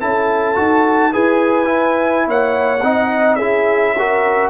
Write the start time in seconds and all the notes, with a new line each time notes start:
0.00 C#4 E4 A4 A5
0.55 D#4 F#4
1.12 E4 G#4 B4 G#5
1.65 E4
2.27 A#3 C#5 F#5
2.83 C4 D#4 D#5
3.35 C#4 E4 G#4 E5
3.98 F#4 A#4